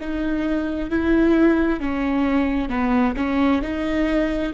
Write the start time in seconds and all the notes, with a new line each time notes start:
0.00 D#4
0.90 E4
1.80 C#4
2.69 B3
3.16 C#4
3.62 D#4